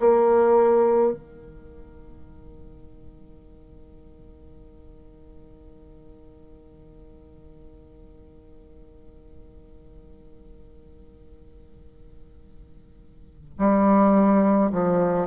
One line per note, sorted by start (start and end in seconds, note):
0.00 1.13 A#3
1.13 13.58 D#3
13.59 14.72 G3
14.72 15.28 F3